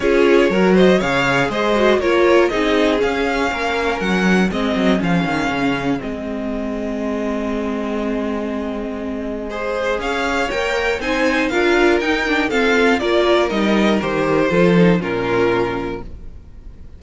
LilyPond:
<<
  \new Staff \with { instrumentName = "violin" } { \time 4/4 \tempo 4 = 120 cis''4. dis''8 f''4 dis''4 | cis''4 dis''4 f''2 | fis''4 dis''4 f''2 | dis''1~ |
dis''1 | f''4 g''4 gis''4 f''4 | g''4 f''4 d''4 dis''4 | c''2 ais'2 | }
  \new Staff \with { instrumentName = "violin" } { \time 4/4 gis'4 ais'8 c''8 cis''4 c''4 | ais'4 gis'2 ais'4~ | ais'4 gis'2.~ | gis'1~ |
gis'2. c''4 | cis''2 c''4 ais'4~ | ais'4 a'4 ais'2~ | ais'4 a'4 f'2 | }
  \new Staff \with { instrumentName = "viola" } { \time 4/4 f'4 fis'4 gis'4. fis'8 | f'4 dis'4 cis'2~ | cis'4 c'4 cis'2 | c'1~ |
c'2. gis'4~ | gis'4 ais'4 dis'4 f'4 | dis'8 d'8 c'4 f'4 dis'4 | g'4 f'8 dis'8 cis'2 | }
  \new Staff \with { instrumentName = "cello" } { \time 4/4 cis'4 fis4 cis4 gis4 | ais4 c'4 cis'4 ais4 | fis4 gis8 fis8 f8 dis8 cis4 | gis1~ |
gis1 | cis'4 ais4 c'4 d'4 | dis'4 f'4 ais4 g4 | dis4 f4 ais,2 | }
>>